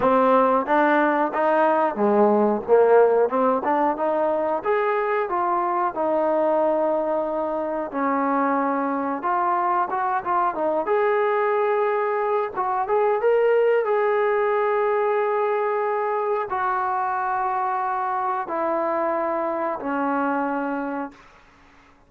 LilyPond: \new Staff \with { instrumentName = "trombone" } { \time 4/4 \tempo 4 = 91 c'4 d'4 dis'4 gis4 | ais4 c'8 d'8 dis'4 gis'4 | f'4 dis'2. | cis'2 f'4 fis'8 f'8 |
dis'8 gis'2~ gis'8 fis'8 gis'8 | ais'4 gis'2.~ | gis'4 fis'2. | e'2 cis'2 | }